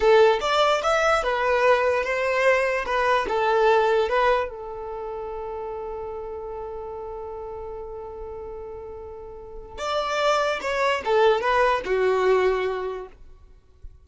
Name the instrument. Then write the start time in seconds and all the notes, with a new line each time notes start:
violin
0.00 A4
0.40 D5
0.82 E5
1.23 B4
2.03 C5
2.85 B4
3.28 A4
4.09 B4
4.49 A4
9.78 D5
10.61 C#5
11.04 A4
11.40 B4
11.85 F#4